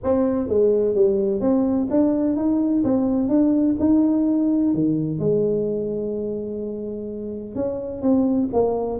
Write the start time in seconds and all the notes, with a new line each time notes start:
0.03 C4
0.48 G#3
0.94 G3
1.40 C4
1.90 D4
2.36 D#4
2.83 C4
3.28 D4
3.79 D#4
4.74 D#3
5.19 G#3
7.55 C#4
8.02 C4
8.52 A#3